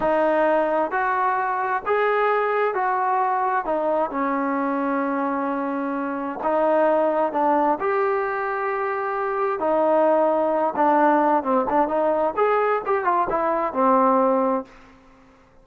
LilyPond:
\new Staff \with { instrumentName = "trombone" } { \time 4/4 \tempo 4 = 131 dis'2 fis'2 | gis'2 fis'2 | dis'4 cis'2.~ | cis'2 dis'2 |
d'4 g'2.~ | g'4 dis'2~ dis'8 d'8~ | d'4 c'8 d'8 dis'4 gis'4 | g'8 f'8 e'4 c'2 | }